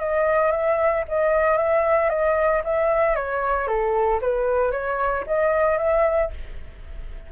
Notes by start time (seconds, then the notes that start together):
0.00 D#5
0.52 E5
1.09 D#5
1.58 E5
2.10 D#5
2.65 E5
3.16 C#5
3.68 A4
4.22 B4
4.72 C#5
5.27 D#5
5.78 E5